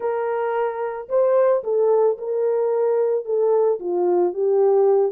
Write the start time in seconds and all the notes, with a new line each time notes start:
0.00 A#4
1.09 C5
1.63 A4
2.18 A#4
3.25 A4
3.79 F4
4.33 G4